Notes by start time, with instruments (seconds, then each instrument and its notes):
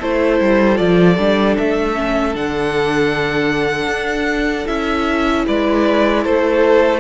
0.00 cello A3, viola E4, violin A4 C5
0.41 cello G3
0.76 cello F3, viola F4, violin D5
1.18 cello G3, viola D4
1.58 cello A3, violin E5
1.95 viola C#4
2.34 cello D3, viola D4, violin F#5
3.87 cello D4
4.68 cello C#4, viola E4, violin E5
5.47 cello G#3, violin B4 D5
6.25 cello A3, violin A4 C5